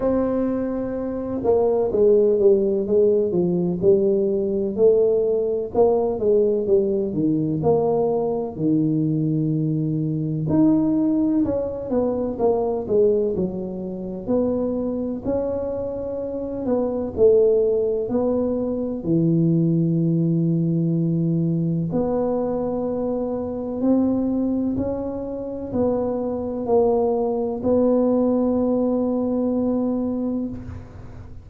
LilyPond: \new Staff \with { instrumentName = "tuba" } { \time 4/4 \tempo 4 = 63 c'4. ais8 gis8 g8 gis8 f8 | g4 a4 ais8 gis8 g8 dis8 | ais4 dis2 dis'4 | cis'8 b8 ais8 gis8 fis4 b4 |
cis'4. b8 a4 b4 | e2. b4~ | b4 c'4 cis'4 b4 | ais4 b2. | }